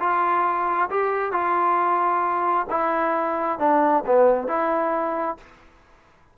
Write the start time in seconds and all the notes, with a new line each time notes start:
0.00 F4
0.90 G4
1.32 F4
2.70 E4
3.59 D4
4.06 B3
4.48 E4